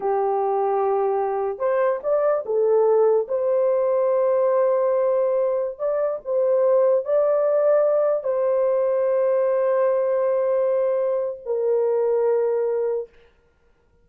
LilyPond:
\new Staff \with { instrumentName = "horn" } { \time 4/4 \tempo 4 = 147 g'1 | c''4 d''4 a'2 | c''1~ | c''2~ c''16 d''4 c''8.~ |
c''4~ c''16 d''2~ d''8.~ | d''16 c''2.~ c''8.~ | c''1 | ais'1 | }